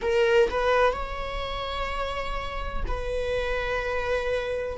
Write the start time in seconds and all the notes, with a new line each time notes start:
0.01 A#4
0.49 B4
0.92 C#5
2.87 B4